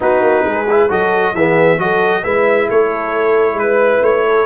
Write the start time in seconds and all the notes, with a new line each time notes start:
0.00 B3 D#4 F#4 B4
0.20 A#3
0.44 G#3 G#4
0.70 E4
0.88 F#3 F#4 A4 D#5
1.34 E3 B3 G#4 E5
1.78 F#3 F#4 A4 D#5
2.22 G#3 E4 B4 E5
2.68 A3 A4 C#5
3.54 G#3 B4
4.01 A3 C#5
4.26 A4